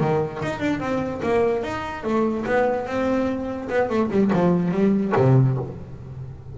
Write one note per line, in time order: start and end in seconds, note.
0.00 0.41 D#3
0.43 0.60 D#4
0.60 0.80 D4
0.80 1.21 C4
1.22 1.63 A#3
1.63 2.04 D#4
2.04 2.45 A3
2.46 2.86 B3
2.86 3.69 C4
3.69 3.89 B3
3.89 4.10 A3
4.11 4.31 G3
4.33 4.71 F3
4.71 5.13 G3
5.16 5.58 C3